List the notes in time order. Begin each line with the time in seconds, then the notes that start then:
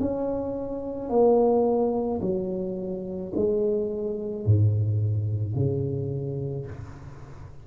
0.00 C#4
1.09 A#3
2.21 F#3
3.35 G#3
4.45 G#2
5.55 C#3